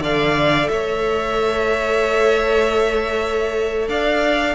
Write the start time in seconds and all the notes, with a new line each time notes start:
0.00 D3 A4 D5 F5
0.68 A3 C#5 E5
3.88 D4 D5 F5